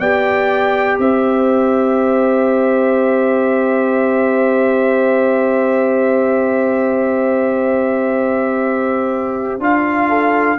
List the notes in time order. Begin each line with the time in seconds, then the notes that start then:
0.00 B3 G4 D5 G5
0.99 C4 C5 E5
9.60 D4 F4 F5
10.09 A4